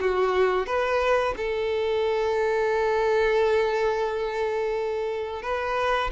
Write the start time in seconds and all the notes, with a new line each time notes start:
0.00 F#4
0.66 B4
1.37 A4
5.42 B4